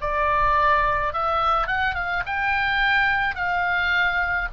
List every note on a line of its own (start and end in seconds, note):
0.00 1.13 D5
1.13 1.67 E5
1.67 1.95 F#5
1.95 2.23 F5
2.25 3.34 G5
3.34 4.48 F5